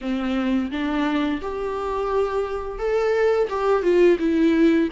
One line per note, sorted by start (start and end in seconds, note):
0.01 0.70 C4
0.71 1.40 D4
1.41 2.78 G4
2.78 3.48 A4
3.49 3.82 G4
3.82 4.17 F4
4.19 4.88 E4